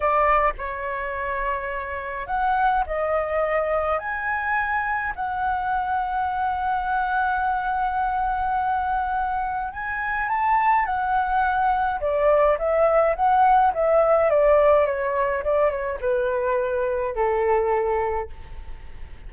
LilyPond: \new Staff \with { instrumentName = "flute" } { \time 4/4 \tempo 4 = 105 d''4 cis''2. | fis''4 dis''2 gis''4~ | gis''4 fis''2.~ | fis''1~ |
fis''4 gis''4 a''4 fis''4~ | fis''4 d''4 e''4 fis''4 | e''4 d''4 cis''4 d''8 cis''8 | b'2 a'2 | }